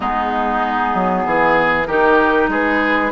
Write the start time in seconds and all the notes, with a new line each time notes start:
0.00 G#3 B3 D#4 G#4
0.94 F#3
1.25 E3 G#4
1.86 D#3 D#4 G4 A#4
2.48 G#3 G#4 B4